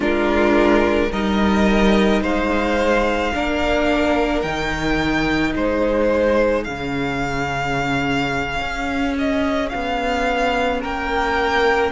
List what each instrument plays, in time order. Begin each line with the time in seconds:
0.00 cello G#3, viola D4, violin F4 A#4
1.11 cello G3, viola D#4, violin A#4 D#5
2.21 cello G#3, violin C5 F5
3.33 cello A#3, viola D4, violin A#4
4.41 cello D#3, viola D#4, violin G5
5.53 cello G#3, violin G#4 C5
6.64 cello C#3, viola C#4, violin F5
8.60 cello C#4
9.18 violin D#5
9.69 cello B3, violin F5
10.81 cello A#3, violin A#4 G5